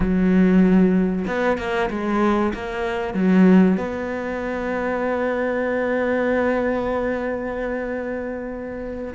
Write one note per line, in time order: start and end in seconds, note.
0.00 1.25 F#3
1.26 1.58 B3
1.58 1.89 A#3
1.89 2.53 G#3
2.53 3.14 A#3
3.14 3.77 F#3
3.77 9.13 B3